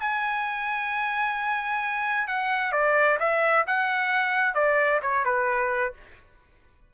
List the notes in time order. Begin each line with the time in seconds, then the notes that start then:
0.00 G#5
2.28 F#5
2.72 D5
3.20 E5
3.67 F#5
4.55 D5
5.02 C#5
5.25 B4